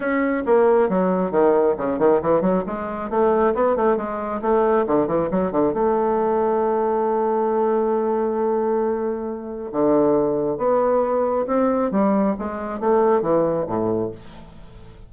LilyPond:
\new Staff \with { instrumentName = "bassoon" } { \time 4/4 \tempo 4 = 136 cis'4 ais4 fis4 dis4 | cis8 dis8 e8 fis8 gis4 a4 | b8 a8 gis4 a4 d8 e8 | fis8 d8 a2.~ |
a1~ | a2 d2 | b2 c'4 g4 | gis4 a4 e4 a,4 | }